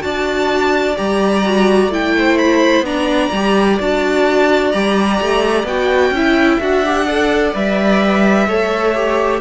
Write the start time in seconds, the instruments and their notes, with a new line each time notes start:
0.00 cello D4, viola F#4, violin D5 A5
0.97 cello G3, viola G4, violin A#5
1.45 viola F#4
1.88 cello A3, viola E4, violin G5
2.17 violin C5
2.38 violin B5
2.81 cello B3, viola D4, violin D5 A#5
3.32 cello G3, viola G4
3.80 cello D4, viola F#4, violin A5
4.71 cello G3, viola G4, violin A#5
5.21 cello A3
5.64 cello B3, viola F#4, violin G5
6.11 cello C#4, viola E4, violin E5
6.60 cello D4, viola F#4, violin F#5
6.85 viola G4
7.06 viola A4, violin D5
7.54 cello G3, viola B4, violin E5
8.48 cello A3, viola A4, violin C#5
8.95 viola G4